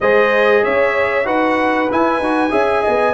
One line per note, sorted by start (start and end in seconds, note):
0.00 0.64 G#3
0.00 1.24 G#4
0.00 0.63 C5
0.00 0.63 D#5
0.63 1.25 C#4
0.63 1.25 C#5
0.63 1.26 E5
1.24 1.89 D#4
1.24 1.87 F#4
1.24 2.51 B4
1.24 1.89 F#5
1.90 2.22 E4
1.90 2.19 E4
1.90 3.13 G#5
2.19 2.50 D#4
2.19 2.50 F#4
2.50 2.83 C#4
2.50 3.13 G#4
2.50 2.82 E5
2.82 3.13 B3
2.82 3.13 D#5